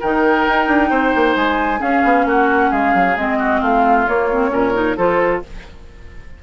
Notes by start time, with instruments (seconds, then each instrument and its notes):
0.00 bassoon D#3, clarinet D#4, oboe A#4, flute G5
0.48 bassoon D#4
0.68 bassoon D4
0.91 bassoon C4, oboe C5
1.16 bassoon A#3
1.36 bassoon G#3, flute G#5
1.79 clarinet C#4, bassoon C#4, oboe G#4, flute F5
2.04 bassoon B3
2.26 bassoon A#3, oboe F#4, flute F#5
2.71 bassoon G#3, oboe G#4, flute F5
2.95 bassoon F#3
3.17 bassoon G#3, clarinet C4, flute D#5
3.39 oboe F#4
3.61 bassoon A3, oboe F4, flute F5
4.08 clarinet A#3, bassoon A#3, flute C#5
4.32 clarinet C4
4.49 bassoon A#2, clarinet C#4, oboe A#4
4.74 clarinet D#4
4.97 bassoon F3, clarinet F4, oboe A4, flute C5